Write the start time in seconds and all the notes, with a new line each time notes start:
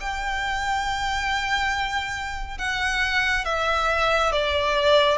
0.00 G5
2.58 F#5
3.45 E5
4.32 D5